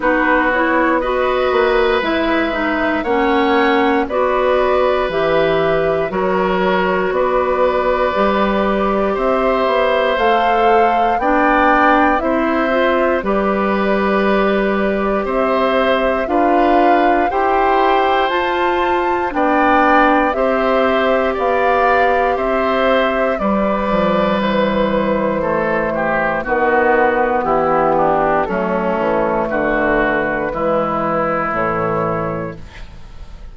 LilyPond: <<
  \new Staff \with { instrumentName = "flute" } { \time 4/4 \tempo 4 = 59 b'8 cis''8 dis''4 e''4 fis''4 | d''4 e''4 cis''4 d''4~ | d''4 e''4 f''4 g''4 | e''4 d''2 e''4 |
f''4 g''4 a''4 g''4 | e''4 f''4 e''4 d''4 | c''2 b'4 g'4 | a'4 b'2 cis''4 | }
  \new Staff \with { instrumentName = "oboe" } { \time 4/4 fis'4 b'2 cis''4 | b'2 ais'4 b'4~ | b'4 c''2 d''4 | c''4 b'2 c''4 |
b'4 c''2 d''4 | c''4 d''4 c''4 b'4~ | b'4 a'8 g'8 fis'4 e'8 d'8 | cis'4 fis'4 e'2 | }
  \new Staff \with { instrumentName = "clarinet" } { \time 4/4 dis'8 e'8 fis'4 e'8 dis'8 cis'4 | fis'4 g'4 fis'2 | g'2 a'4 d'4 | e'8 f'8 g'2. |
f'4 g'4 f'4 d'4 | g'2. g4~ | g4 a4 b2 | a2 gis4 e4 | }
  \new Staff \with { instrumentName = "bassoon" } { \time 4/4 b4. ais8 gis4 ais4 | b4 e4 fis4 b4 | g4 c'8 b8 a4 b4 | c'4 g2 c'4 |
d'4 e'4 f'4 b4 | c'4 b4 c'4 g8 f8 | e2 dis4 e4 | fis8 e8 d4 e4 a,4 | }
>>